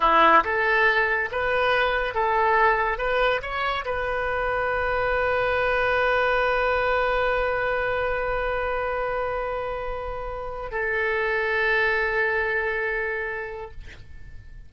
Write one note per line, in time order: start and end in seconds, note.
0.00 0.43 E4
0.44 1.29 A4
1.31 2.14 B4
2.14 2.98 A4
2.98 3.41 B4
3.42 3.85 C#5
3.85 10.71 B4
10.71 13.71 A4